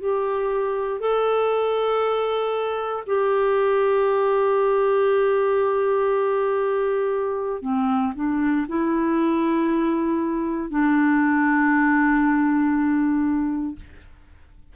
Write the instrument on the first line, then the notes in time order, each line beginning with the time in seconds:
clarinet
0.00 G4
1.00 A4
3.06 G4
7.62 C4
8.16 D4
8.69 E4
10.71 D4